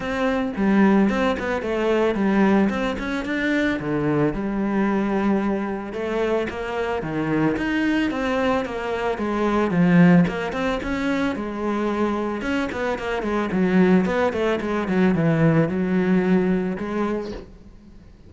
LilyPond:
\new Staff \with { instrumentName = "cello" } { \time 4/4 \tempo 4 = 111 c'4 g4 c'8 b8 a4 | g4 c'8 cis'8 d'4 d4 | g2. a4 | ais4 dis4 dis'4 c'4 |
ais4 gis4 f4 ais8 c'8 | cis'4 gis2 cis'8 b8 | ais8 gis8 fis4 b8 a8 gis8 fis8 | e4 fis2 gis4 | }